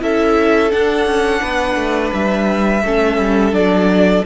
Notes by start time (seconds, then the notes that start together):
0.00 C#4 E4 A4 E5
0.70 D4 F#5
1.06 C#4
1.42 B3 B4
1.76 A3
2.13 G3 E5
2.83 A3 C#4 A4
3.18 G3
3.52 F#3 D4 D5